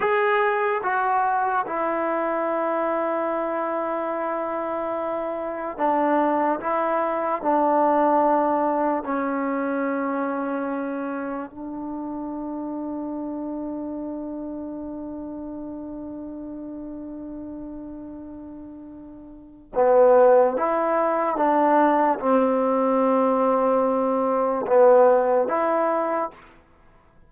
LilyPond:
\new Staff \with { instrumentName = "trombone" } { \time 4/4 \tempo 4 = 73 gis'4 fis'4 e'2~ | e'2. d'4 | e'4 d'2 cis'4~ | cis'2 d'2~ |
d'1~ | d'1 | b4 e'4 d'4 c'4~ | c'2 b4 e'4 | }